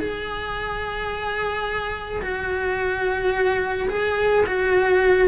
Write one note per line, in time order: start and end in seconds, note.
0.00 2.22 G#4
2.22 3.89 F#4
3.90 4.45 G#4
4.46 5.29 F#4